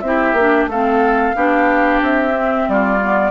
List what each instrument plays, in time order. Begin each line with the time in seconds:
0.00 bassoon C4, clarinet E4, flute E5
0.07 oboe G4
0.33 bassoon A#3, clarinet D4
0.66 bassoon A3, clarinet C4, oboe A4, flute F5
1.35 bassoon B3, clarinet D4, oboe G4
2.01 bassoon C4, flute E5
2.34 clarinet C4
2.68 bassoon G3, oboe F4, flute D5
3.01 clarinet B3